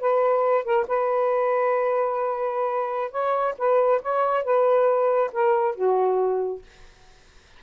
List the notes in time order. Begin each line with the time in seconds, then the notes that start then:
0.00 B4
0.64 A#4
0.87 B4
3.11 C#5
3.58 B4
4.02 C#5
4.44 B4
5.32 A#4
5.75 F#4